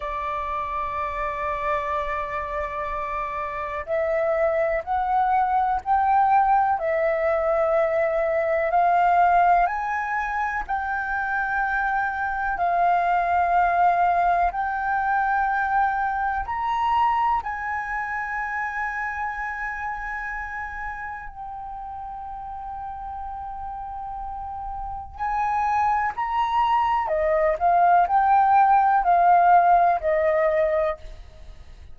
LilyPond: \new Staff \with { instrumentName = "flute" } { \time 4/4 \tempo 4 = 62 d''1 | e''4 fis''4 g''4 e''4~ | e''4 f''4 gis''4 g''4~ | g''4 f''2 g''4~ |
g''4 ais''4 gis''2~ | gis''2 g''2~ | g''2 gis''4 ais''4 | dis''8 f''8 g''4 f''4 dis''4 | }